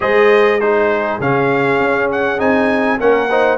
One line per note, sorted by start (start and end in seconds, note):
0.00 1.20 G#3
0.00 0.60 G#4
0.00 0.60 C5
0.00 0.60 D#5
0.60 1.21 D#4
0.60 3.00 G#4
0.60 1.20 C5
1.20 1.79 C#3
1.20 2.38 C#4
1.20 2.11 F5
1.79 2.39 C#4
2.11 2.40 F#5
2.38 2.99 C4
2.38 2.98 D#4
2.38 3.00 G#5
2.98 3.57 A#3
2.98 3.29 C#4
2.98 3.29 A#4
2.98 3.57 F#5
3.29 3.57 D#4
3.29 3.57 C5